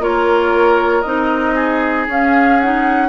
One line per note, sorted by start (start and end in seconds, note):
0.00 1.03 A#3
0.00 1.05 F4
0.00 1.56 A#4
0.00 1.02 C#5
1.02 2.08 C4
1.02 2.08 D#4
1.02 2.06 D#5
1.56 3.09 G#4
2.08 3.09 C#4
2.08 2.61 C#4
2.08 2.61 F5
2.61 3.09 D#4
2.61 3.09 F#5